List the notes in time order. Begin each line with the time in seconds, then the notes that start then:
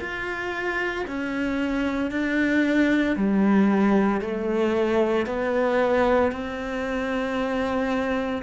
0.00 F4
1.08 C#4
2.11 D4
3.16 G3
4.21 A3
5.26 B3
6.32 C4